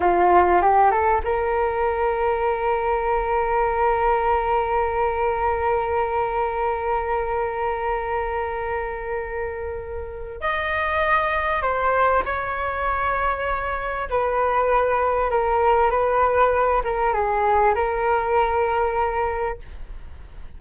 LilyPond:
\new Staff \with { instrumentName = "flute" } { \time 4/4 \tempo 4 = 98 f'4 g'8 a'8 ais'2~ | ais'1~ | ais'1~ | ais'1~ |
ais'4 dis''2 c''4 | cis''2. b'4~ | b'4 ais'4 b'4. ais'8 | gis'4 ais'2. | }